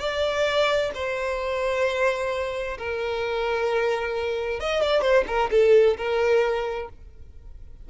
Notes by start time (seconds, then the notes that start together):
0.00 D5
0.95 C5
2.79 A#4
4.60 D#5
4.82 D5
5.02 C5
5.28 A#4
5.51 A4
5.98 A#4